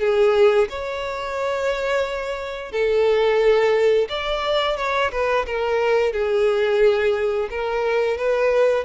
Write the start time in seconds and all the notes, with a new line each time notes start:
0.00 G#4
0.69 C#5
2.72 A4
4.09 D5
4.77 C#5
5.12 B4
5.46 A#4
6.13 G#4
7.50 A#4
8.18 B4